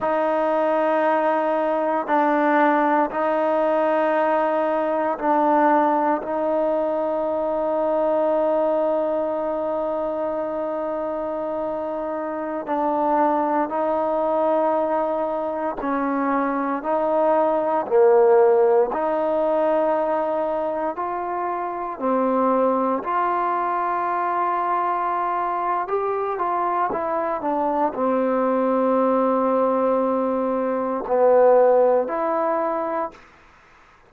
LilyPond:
\new Staff \with { instrumentName = "trombone" } { \time 4/4 \tempo 4 = 58 dis'2 d'4 dis'4~ | dis'4 d'4 dis'2~ | dis'1~ | dis'16 d'4 dis'2 cis'8.~ |
cis'16 dis'4 ais4 dis'4.~ dis'16~ | dis'16 f'4 c'4 f'4.~ f'16~ | f'4 g'8 f'8 e'8 d'8 c'4~ | c'2 b4 e'4 | }